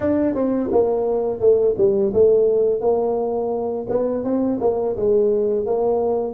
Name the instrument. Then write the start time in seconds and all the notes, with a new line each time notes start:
tuba
0.00 D4
0.34 C4
0.71 A#3
1.40 A3
1.77 G3
2.13 A3
2.80 A#3
3.89 B3
4.24 C4
4.60 A#3
4.96 G#3
5.65 A#3